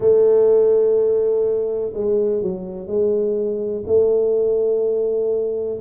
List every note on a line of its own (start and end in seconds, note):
0.00 1.92 A3
1.93 2.41 G#3
2.42 2.86 F#3
2.86 3.83 G#3
3.86 5.80 A3